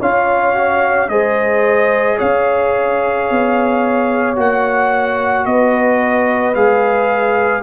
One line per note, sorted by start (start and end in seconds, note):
0.00 1.08 C#4
0.00 0.54 F4
0.00 1.09 C#5
0.00 1.08 F5
0.54 1.08 F#4
1.08 2.17 G#3
1.08 4.35 G#4
1.08 2.17 C5
1.08 2.17 D#5
2.17 3.30 C#4
2.17 5.44 C#5
2.17 4.37 F5
3.30 4.37 B3
4.35 5.46 A#3
4.35 6.53 F#4
4.35 5.45 F#5
5.45 6.55 B3
5.45 7.62 B4
5.45 6.54 D#5
6.55 7.62 G#3
6.55 7.62 G#4
6.55 7.62 F5